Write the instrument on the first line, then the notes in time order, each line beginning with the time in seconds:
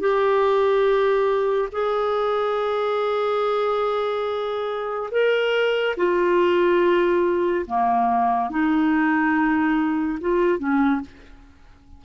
clarinet
0.00 G4
1.72 G#4
5.11 A#4
5.97 F4
7.67 A#3
8.50 D#4
10.21 F4
10.59 C#4